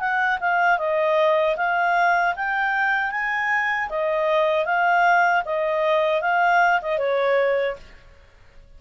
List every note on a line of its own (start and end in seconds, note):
0.00 0.39 F#5
0.41 0.78 F5
0.78 1.56 D#5
1.57 2.35 F5
2.36 3.11 G5
3.11 3.89 G#5
3.90 4.66 D#5
4.66 5.44 F5
5.45 6.22 D#5
6.22 6.80 F5
6.82 6.99 D#5
6.99 7.77 C#5